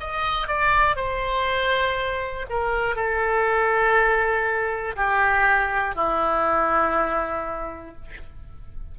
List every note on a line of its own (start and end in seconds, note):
0.00 0.47 D#5
0.47 0.96 D5
0.96 2.46 C5
2.50 2.95 A#4
2.95 4.95 A4
4.96 5.95 G4
5.95 7.95 E4